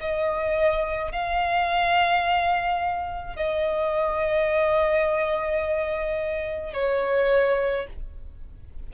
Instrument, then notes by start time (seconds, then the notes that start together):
violin
0.00 D#5
1.12 F5
3.36 D#5
6.74 C#5